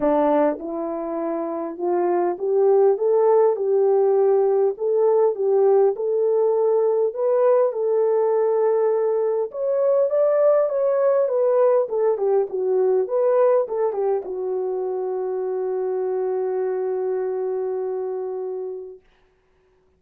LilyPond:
\new Staff \with { instrumentName = "horn" } { \time 4/4 \tempo 4 = 101 d'4 e'2 f'4 | g'4 a'4 g'2 | a'4 g'4 a'2 | b'4 a'2. |
cis''4 d''4 cis''4 b'4 | a'8 g'8 fis'4 b'4 a'8 g'8 | fis'1~ | fis'1 | }